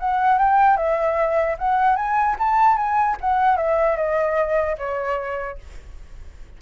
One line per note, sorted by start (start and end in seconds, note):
0.00 0.39 F#5
0.39 0.77 G5
0.77 1.57 E5
1.59 1.96 F#5
1.96 2.36 G#5
2.39 2.77 A5
2.77 3.17 G#5
3.21 3.57 F#5
3.57 3.97 E5
3.97 4.77 D#5
4.79 5.59 C#5